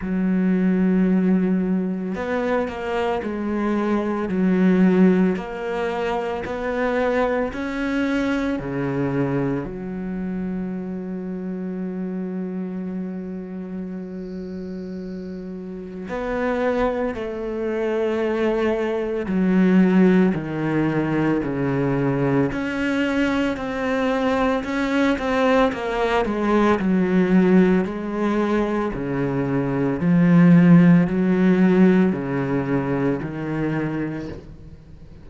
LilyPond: \new Staff \with { instrumentName = "cello" } { \time 4/4 \tempo 4 = 56 fis2 b8 ais8 gis4 | fis4 ais4 b4 cis'4 | cis4 fis2.~ | fis2. b4 |
a2 fis4 dis4 | cis4 cis'4 c'4 cis'8 c'8 | ais8 gis8 fis4 gis4 cis4 | f4 fis4 cis4 dis4 | }